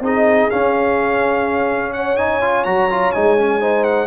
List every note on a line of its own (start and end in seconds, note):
0.00 0.48 C4
0.00 0.50 D#4
0.00 1.95 G#4
0.00 0.50 D#5
0.50 2.17 C#4
0.50 2.66 C#4
0.50 1.93 F5
1.93 3.61 C#5
1.93 2.17 F#5
2.17 2.41 D#4
2.17 2.64 G#5
2.41 2.65 F4
2.64 3.14 F#3
2.64 2.89 F#4
2.64 3.12 A#5
2.90 3.14 F4
3.12 4.07 G#3
3.12 3.38 D#4
3.12 3.84 G#5
3.38 3.60 C#4
3.60 4.07 D#4
3.60 4.07 C5
3.84 4.07 F#5